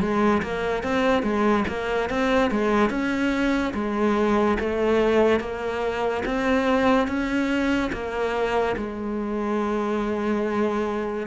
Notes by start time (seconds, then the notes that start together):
0.00 G#3
0.42 A#3
0.83 C4
1.22 G#3
1.67 A#3
2.09 C4
2.50 G#3
2.89 C#4
3.74 G#3
4.59 A3
5.39 A#3
6.25 C4
7.07 C#4
7.92 A#3
8.77 G#3